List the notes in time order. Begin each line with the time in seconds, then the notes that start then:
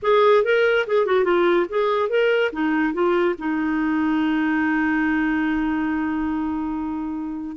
0.02 G#4
0.44 A#4
0.86 G#4
1.06 F#4
1.24 F4
1.69 G#4
2.09 A#4
2.52 D#4
2.93 F4
3.38 D#4